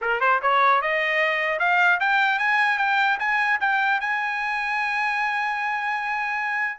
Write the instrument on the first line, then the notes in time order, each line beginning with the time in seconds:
trumpet
0.01 A#4
0.20 C5
0.41 C#5
0.81 D#5
1.59 F5
2.00 G5
2.38 G#5
2.77 G5
3.19 G#5
3.60 G5
4.00 G#5